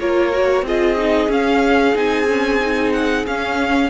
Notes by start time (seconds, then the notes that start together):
0.00 A#3 F4 A#4 C#5
0.32 F#4
0.63 C4 F4 G#4 D#5
0.97 D#4
1.29 C#4 F5
1.95 C4 D#4 G#5
2.28 C#4
2.61 D#4
2.93 F#5
3.27 C#4 F5